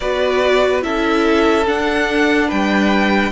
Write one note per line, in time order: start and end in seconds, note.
0.00 0.84 B3
0.00 0.82 F#4
0.00 0.84 B4
0.00 0.81 D5
0.82 1.67 C#4
0.82 1.65 E4
0.82 2.48 A4
0.82 1.66 E5
1.65 3.31 D4
1.65 2.51 D4
1.65 2.50 F#5
2.48 3.31 G3
2.48 3.31 B4
2.48 3.31 G5